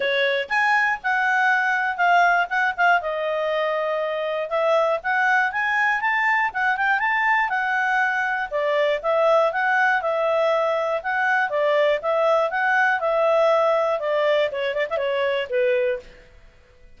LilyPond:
\new Staff \with { instrumentName = "clarinet" } { \time 4/4 \tempo 4 = 120 cis''4 gis''4 fis''2 | f''4 fis''8 f''8 dis''2~ | dis''4 e''4 fis''4 gis''4 | a''4 fis''8 g''8 a''4 fis''4~ |
fis''4 d''4 e''4 fis''4 | e''2 fis''4 d''4 | e''4 fis''4 e''2 | d''4 cis''8 d''16 e''16 cis''4 b'4 | }